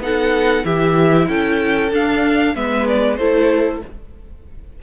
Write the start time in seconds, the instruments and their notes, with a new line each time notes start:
0.00 cello B3, viola D#4, violin A4 F#5
0.64 cello E3, viola E4, violin G4 E5
1.28 cello C#4, violin A4 G5
1.92 cello D4, viola D4, violin F5
2.55 cello G#3, viola B3, violin B4 E5
2.88 violin D5
3.17 cello A3, viola E4, violin A4 C5